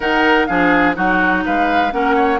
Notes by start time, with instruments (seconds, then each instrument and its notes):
0.00 bassoon D#3, clarinet D#4, oboe A#4, flute F#5
0.46 bassoon F3, clarinet D4, oboe G#4, flute F5
0.95 bassoon F#3, clarinet D#4, oboe F#4, flute F#5
1.45 bassoon G#3, oboe B4, flute F5
1.91 bassoon A#3, clarinet C#4, oboe A#4, flute F#5
2.15 oboe C#5